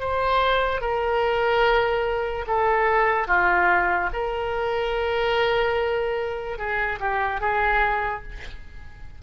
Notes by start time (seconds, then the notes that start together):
0.00 C5
0.81 A#4
2.47 A4
3.28 F4
4.13 A#4
6.58 G#4
7.00 G4
7.40 G#4